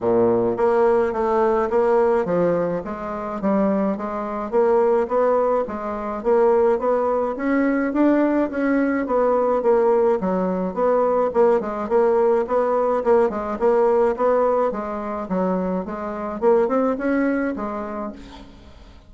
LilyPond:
\new Staff \with { instrumentName = "bassoon" } { \time 4/4 \tempo 4 = 106 ais,4 ais4 a4 ais4 | f4 gis4 g4 gis4 | ais4 b4 gis4 ais4 | b4 cis'4 d'4 cis'4 |
b4 ais4 fis4 b4 | ais8 gis8 ais4 b4 ais8 gis8 | ais4 b4 gis4 fis4 | gis4 ais8 c'8 cis'4 gis4 | }